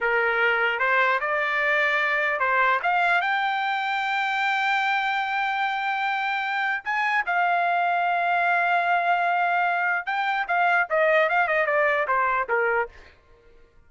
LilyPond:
\new Staff \with { instrumentName = "trumpet" } { \time 4/4 \tempo 4 = 149 ais'2 c''4 d''4~ | d''2 c''4 f''4 | g''1~ | g''1~ |
g''4 gis''4 f''2~ | f''1~ | f''4 g''4 f''4 dis''4 | f''8 dis''8 d''4 c''4 ais'4 | }